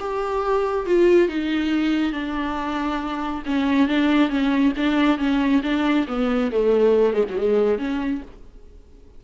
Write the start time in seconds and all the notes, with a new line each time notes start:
0.00 G4
0.86 F4
1.29 D#4
2.13 D4
3.46 C#4
3.88 D4
4.29 C#4
4.77 D4
5.19 C#4
5.63 D4
6.08 B3
6.52 A3
7.14 G#3
7.30 F#3
7.37 G#3
7.79 C#4